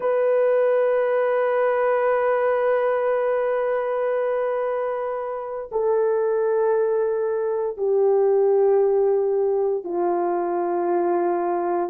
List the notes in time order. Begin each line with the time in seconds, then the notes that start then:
0.00 B4
5.71 A4
7.77 G4
9.84 F4